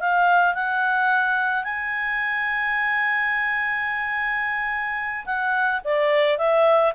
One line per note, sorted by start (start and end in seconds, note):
0.00 0.54 F5
0.54 1.64 F#5
1.64 5.25 G#5
5.25 5.81 F#5
5.84 6.38 D5
6.38 6.93 E5